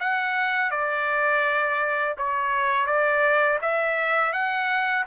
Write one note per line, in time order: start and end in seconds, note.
0.00 0.71 F#5
0.71 2.16 D5
2.18 2.87 C#5
2.87 3.59 D5
3.62 4.33 E5
4.33 5.05 F#5